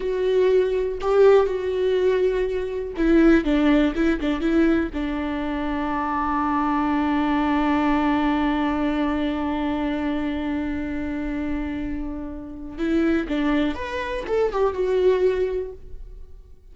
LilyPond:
\new Staff \with { instrumentName = "viola" } { \time 4/4 \tempo 4 = 122 fis'2 g'4 fis'4~ | fis'2 e'4 d'4 | e'8 d'8 e'4 d'2~ | d'1~ |
d'1~ | d'1~ | d'2 e'4 d'4 | b'4 a'8 g'8 fis'2 | }